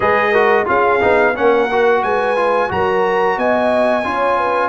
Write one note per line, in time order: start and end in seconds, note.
0.00 0.66 G#3
0.00 0.33 G#4
0.00 0.31 B4
0.00 0.67 D#5
0.31 0.65 F#4
0.31 0.65 A#4
0.65 1.02 C#4
0.65 0.99 F4
0.65 1.35 G#4
0.65 1.36 F5
1.00 1.36 B3
1.00 1.34 D#4
1.35 2.03 A#3
1.35 1.68 C#4
1.35 2.03 A#4
1.35 2.03 F#5
1.71 2.36 F#4
2.03 2.70 G#3
2.03 2.71 B4
2.03 2.70 G#5
2.36 2.68 F4
2.68 3.37 F#3
2.68 4.03 F#4
2.68 3.38 A#4
2.68 3.38 A#5
3.37 4.04 B3
3.37 4.05 D#5
3.37 4.68 G#5
4.04 4.68 C#4
4.04 4.68 F4
4.04 4.37 C#5
4.37 4.68 B4